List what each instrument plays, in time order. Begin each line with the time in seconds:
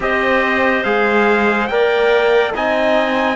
0.00 cello C4, trombone G4, clarinet C5, trumpet D#5
0.83 cello G#3, trombone G#4, trumpet F5
1.67 cello A#3, trombone A#4, clarinet D5, trumpet G5
2.53 cello C4, trombone D#4, clarinet D#5, trumpet G#5